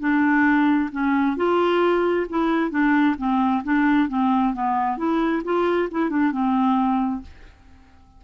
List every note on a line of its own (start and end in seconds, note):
0.00 0.90 D4
0.92 1.37 C#4
1.37 2.27 F4
2.29 2.71 E4
2.71 3.16 D4
3.18 3.63 C4
3.64 4.09 D4
4.09 4.54 C4
4.54 4.98 B3
4.98 5.43 E4
5.44 5.89 F4
5.91 6.10 E4
6.10 6.32 D4
6.32 7.22 C4